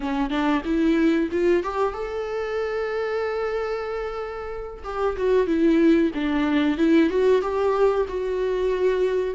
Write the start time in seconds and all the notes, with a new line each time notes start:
0.00 C#4
0.29 D4
0.64 E4
1.31 F4
1.63 G4
1.93 A4
4.84 G4
5.16 F#4
5.46 E4
6.14 D4
6.77 E4
7.09 F#4
7.41 G4
8.08 F#4